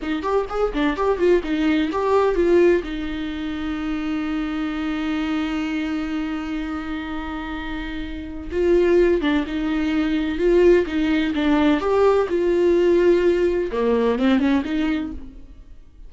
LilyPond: \new Staff \with { instrumentName = "viola" } { \time 4/4 \tempo 4 = 127 dis'8 g'8 gis'8 d'8 g'8 f'8 dis'4 | g'4 f'4 dis'2~ | dis'1~ | dis'1~ |
dis'2 f'4. d'8 | dis'2 f'4 dis'4 | d'4 g'4 f'2~ | f'4 ais4 c'8 cis'8 dis'4 | }